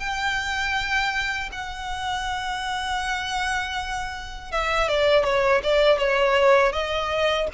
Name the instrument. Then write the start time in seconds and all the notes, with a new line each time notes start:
violin
0.00 G5
1.52 F#5
4.52 E5
4.89 D5
5.24 C#5
5.64 D5
5.99 C#5
6.73 D#5